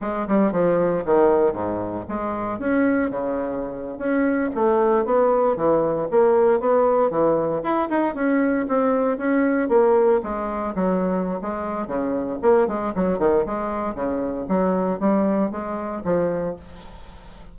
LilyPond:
\new Staff \with { instrumentName = "bassoon" } { \time 4/4 \tempo 4 = 116 gis8 g8 f4 dis4 gis,4 | gis4 cis'4 cis4.~ cis16 cis'16~ | cis'8. a4 b4 e4 ais16~ | ais8. b4 e4 e'8 dis'8 cis'16~ |
cis'8. c'4 cis'4 ais4 gis16~ | gis8. fis4~ fis16 gis4 cis4 | ais8 gis8 fis8 dis8 gis4 cis4 | fis4 g4 gis4 f4 | }